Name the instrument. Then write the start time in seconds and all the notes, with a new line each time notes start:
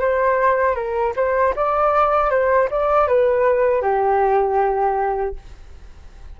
flute
0.00 C5
0.75 A#4
1.16 C5
1.55 D5
2.30 C5
2.70 D5
3.07 B4
3.82 G4